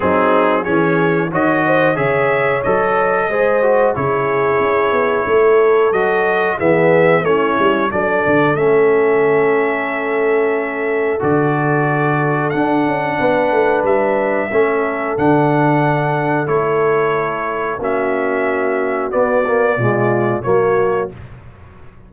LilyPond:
<<
  \new Staff \with { instrumentName = "trumpet" } { \time 4/4 \tempo 4 = 91 gis'4 cis''4 dis''4 e''4 | dis''2 cis''2~ | cis''4 dis''4 e''4 cis''4 | d''4 e''2.~ |
e''4 d''2 fis''4~ | fis''4 e''2 fis''4~ | fis''4 cis''2 e''4~ | e''4 d''2 cis''4 | }
  \new Staff \with { instrumentName = "horn" } { \time 4/4 dis'4 gis'4 cis''8 c''8 cis''4~ | cis''4 c''4 gis'2 | a'2 gis'4 e'4 | a'1~ |
a'1 | b'2 a'2~ | a'2. fis'4~ | fis'2 f'4 fis'4 | }
  \new Staff \with { instrumentName = "trombone" } { \time 4/4 c'4 cis'4 fis'4 gis'4 | a'4 gis'8 fis'8 e'2~ | e'4 fis'4 b4 cis'4 | d'4 cis'2.~ |
cis'4 fis'2 d'4~ | d'2 cis'4 d'4~ | d'4 e'2 cis'4~ | cis'4 b8 ais8 gis4 ais4 | }
  \new Staff \with { instrumentName = "tuba" } { \time 4/4 fis4 e4 dis4 cis4 | fis4 gis4 cis4 cis'8 b8 | a4 fis4 e4 a8 g8 | fis8 d8 a2.~ |
a4 d2 d'8 cis'8 | b8 a8 g4 a4 d4~ | d4 a2 ais4~ | ais4 b4 b,4 fis4 | }
>>